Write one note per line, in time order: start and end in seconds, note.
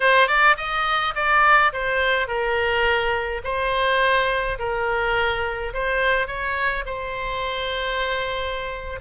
0.00 0.27 C5
0.27 0.56 D5
0.57 1.14 D#5
1.15 1.72 D5
1.72 2.27 C5
2.27 3.41 A#4
3.44 4.58 C5
4.58 5.73 A#4
5.73 6.27 C5
6.27 6.84 C#5
6.85 9.00 C5